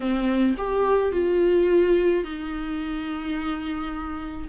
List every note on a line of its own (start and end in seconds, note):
0.00 0.55 C4
0.57 1.11 G4
1.11 2.24 F4
2.24 4.48 D#4